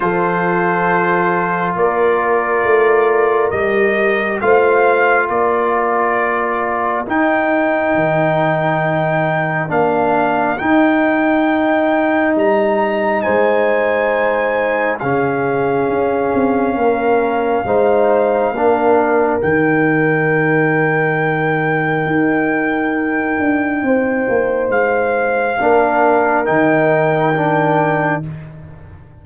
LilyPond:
<<
  \new Staff \with { instrumentName = "trumpet" } { \time 4/4 \tempo 4 = 68 c''2 d''2 | dis''4 f''4 d''2 | g''2. f''4 | g''2 ais''4 gis''4~ |
gis''4 f''2.~ | f''2 g''2~ | g''1 | f''2 g''2 | }
  \new Staff \with { instrumentName = "horn" } { \time 4/4 a'2 ais'2~ | ais'4 c''4 ais'2~ | ais'1~ | ais'2. c''4~ |
c''4 gis'2 ais'4 | c''4 ais'2.~ | ais'2. c''4~ | c''4 ais'2. | }
  \new Staff \with { instrumentName = "trombone" } { \time 4/4 f'1 | g'4 f'2. | dis'2. d'4 | dis'1~ |
dis'4 cis'2. | dis'4 d'4 dis'2~ | dis'1~ | dis'4 d'4 dis'4 d'4 | }
  \new Staff \with { instrumentName = "tuba" } { \time 4/4 f2 ais4 a4 | g4 a4 ais2 | dis'4 dis2 ais4 | dis'2 g4 gis4~ |
gis4 cis4 cis'8 c'8 ais4 | gis4 ais4 dis2~ | dis4 dis'4. d'8 c'8 ais8 | gis4 ais4 dis2 | }
>>